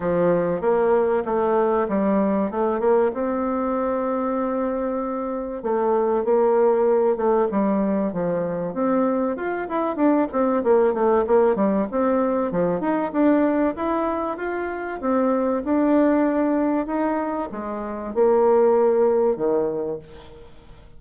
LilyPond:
\new Staff \with { instrumentName = "bassoon" } { \time 4/4 \tempo 4 = 96 f4 ais4 a4 g4 | a8 ais8 c'2.~ | c'4 a4 ais4. a8 | g4 f4 c'4 f'8 e'8 |
d'8 c'8 ais8 a8 ais8 g8 c'4 | f8 dis'8 d'4 e'4 f'4 | c'4 d'2 dis'4 | gis4 ais2 dis4 | }